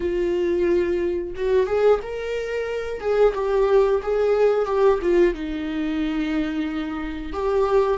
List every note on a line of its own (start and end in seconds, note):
0.00 1.33 F4
1.36 1.66 F#4
1.66 1.99 G#4
2.02 3.00 A#4
3.00 3.33 G#4
3.34 4.01 G4
4.02 4.65 G#4
4.65 4.98 G4
5.02 5.33 F4
5.33 7.32 D#4
7.32 7.98 G4